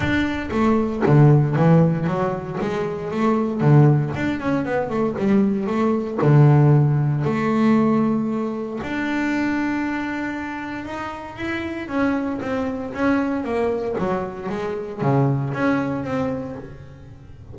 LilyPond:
\new Staff \with { instrumentName = "double bass" } { \time 4/4 \tempo 4 = 116 d'4 a4 d4 e4 | fis4 gis4 a4 d4 | d'8 cis'8 b8 a8 g4 a4 | d2 a2~ |
a4 d'2.~ | d'4 dis'4 e'4 cis'4 | c'4 cis'4 ais4 fis4 | gis4 cis4 cis'4 c'4 | }